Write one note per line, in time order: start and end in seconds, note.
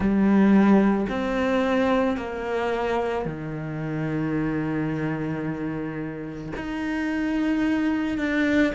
0.00 1.06 G3
1.09 2.16 C4
2.16 3.25 A#3
3.25 6.52 D#3
6.56 8.18 D#4
8.18 8.72 D4